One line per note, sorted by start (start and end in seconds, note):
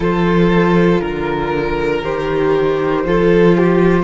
0.00 1.00 F3
0.00 2.03 F4
0.00 1.01 A4
0.00 1.00 C5
1.00 2.02 D3
1.00 2.02 A#4
1.00 3.04 A#4
2.03 3.05 D#3
2.03 3.05 G4
2.03 4.03 C5
3.05 4.03 F3
3.05 4.03 F4
3.05 3.57 A4
3.57 4.03 G4